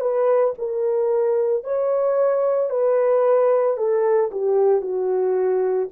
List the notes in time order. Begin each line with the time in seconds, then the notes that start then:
0.00 B4
0.58 A#4
1.64 C#5
2.70 B4
3.77 A4
4.31 G4
4.82 F#4